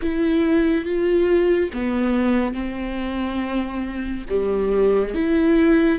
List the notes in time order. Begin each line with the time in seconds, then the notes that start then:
0.02 E4
0.84 F4
1.73 B3
2.54 C4
4.29 G3
5.14 E4